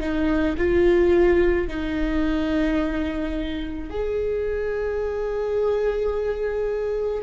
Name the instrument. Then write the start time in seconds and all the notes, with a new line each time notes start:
viola
0.00 D#4
0.57 F4
1.68 D#4
3.90 G#4